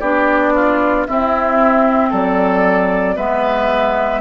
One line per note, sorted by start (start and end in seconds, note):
0.00 1.06 B3
0.00 1.08 D4
0.00 0.53 G4
0.00 1.05 D5
0.55 1.07 F4
1.07 3.17 C4
1.07 2.13 C4
1.07 2.10 E4
1.07 2.12 E5
2.10 3.18 F#3
2.10 3.16 A4
2.10 3.18 D5
3.16 4.21 G#3
3.16 4.21 B3
3.16 4.21 B4
3.16 4.21 E5